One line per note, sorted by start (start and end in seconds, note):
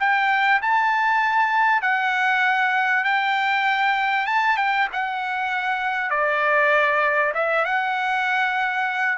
0.00 0.61 G5
0.62 1.82 A5
1.82 3.04 F#5
3.04 4.26 G5
4.26 4.57 A5
4.57 4.88 G5
4.93 6.10 F#5
6.10 7.32 D5
7.34 7.65 E5
7.65 9.18 F#5